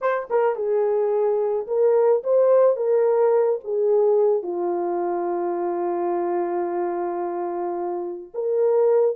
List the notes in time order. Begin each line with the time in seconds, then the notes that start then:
0.01 C5
0.30 A#4
0.55 G#4
1.67 A#4
2.23 C5
2.76 A#4
3.63 G#4
4.43 F4
8.34 A#4